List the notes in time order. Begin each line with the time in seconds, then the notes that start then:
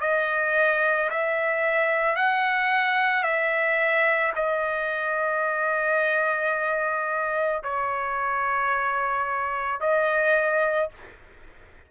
0.00 D#5
1.10 E5
2.16 F#5
3.23 E5
4.35 D#5
7.63 C#5
9.80 D#5